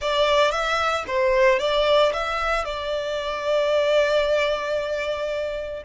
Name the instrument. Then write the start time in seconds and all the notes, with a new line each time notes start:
violin
0.01 D5
0.51 E5
1.07 C5
1.59 D5
2.13 E5
2.64 D5